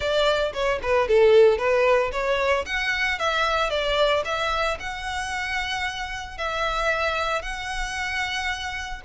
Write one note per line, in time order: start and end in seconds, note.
0.00 0.52 D5
0.53 0.79 C#5
0.82 1.08 B4
1.08 1.58 A4
1.58 2.11 B4
2.11 2.65 C#5
2.65 3.18 F#5
3.19 3.70 E5
3.70 4.23 D5
4.24 4.77 E5
4.79 6.37 F#5
6.37 7.42 E5
7.42 9.01 F#5